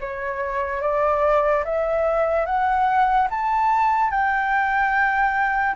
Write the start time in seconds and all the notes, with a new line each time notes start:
0.00 C#5
0.81 D5
1.64 E5
2.45 F#5
3.30 A5
4.11 G5